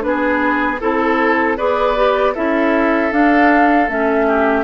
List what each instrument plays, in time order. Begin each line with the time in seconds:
0.00 bassoon B3, clarinet D4, flute B4
0.07 oboe G#4
0.80 bassoon C4, clarinet E4, flute A4, oboe A4
1.57 bassoon B3, clarinet G#4, oboe B4, flute D5
1.96 clarinet G4
2.34 bassoon C#4, clarinet E4, oboe A4, flute E5
3.11 clarinet D4, bassoon D4, flute F5
3.88 bassoon A3, clarinet C#4, flute E5
4.27 oboe G4